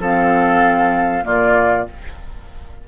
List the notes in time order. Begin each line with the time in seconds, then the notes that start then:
0.00 F3 C4 A4 F5
1.23 A#2 A#3 F4 D5